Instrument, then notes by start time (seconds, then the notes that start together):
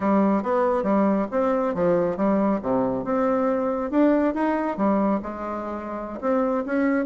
bassoon
0.00 G3
0.42 B3
0.83 G3
1.31 C4
1.74 F3
2.16 G3
2.62 C3
3.04 C4
3.91 D4
4.34 D#4
4.77 G3
5.22 G#3
6.20 C4
6.65 C#4